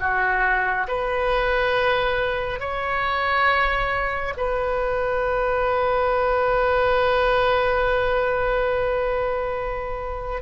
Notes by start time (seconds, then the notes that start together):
0.00 F#4
0.88 B4
2.60 C#5
4.37 B4